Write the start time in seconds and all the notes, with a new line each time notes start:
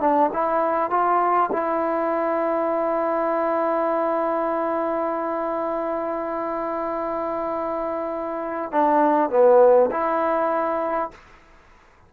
0.00 D4
0.33 E4
0.90 F4
1.52 E4
8.72 D4
9.30 B3
9.91 E4